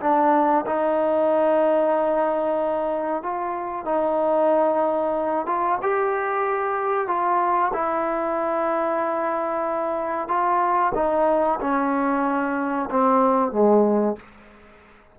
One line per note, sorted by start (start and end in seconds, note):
0.00 0.65 D4
0.66 3.22 D#4
3.22 3.85 F4
3.85 5.46 D#4
5.46 5.78 F4
5.82 7.07 G4
7.07 7.72 F4
7.73 10.28 E4
10.28 10.92 F4
10.94 11.59 D#4
11.60 12.89 C#4
12.90 13.51 C4
13.51 14.16 G#3